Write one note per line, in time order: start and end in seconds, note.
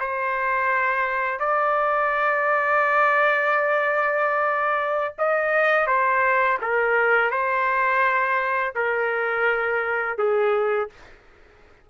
0.00 1.40 C5
1.40 5.15 D5
5.18 5.86 D#5
5.86 6.58 C5
6.62 7.31 A#4
7.31 8.74 C5
8.75 10.18 A#4
10.18 10.89 G#4